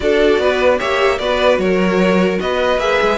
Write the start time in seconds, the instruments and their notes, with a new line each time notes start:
0.00 cello D4, viola F#4, violin A4 D5
0.38 cello B3, violin B4
0.78 cello A#3, viola G4, violin C#5 E5
1.18 cello B3, viola F#4, violin B4 D5
1.58 cello F#3, violin A#4 C#5
2.39 cello B3, violin B4 D#5
2.78 cello A#3, viola G#4, violin E5
3.01 cello G#3